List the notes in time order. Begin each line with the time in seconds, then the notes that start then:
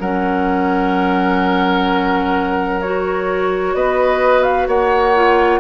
0.00 F#3 C#4 A#4 F#5
2.82 F#4 C#5
3.74 B3 B4 D#5
4.43 F5
4.68 A#3 C#5 F#5
5.15 F4